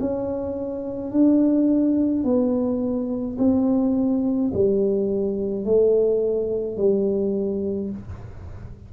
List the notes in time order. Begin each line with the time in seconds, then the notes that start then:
0.00 C#4
1.11 D4
2.24 B3
3.38 C4
4.53 G3
5.64 A3
6.77 G3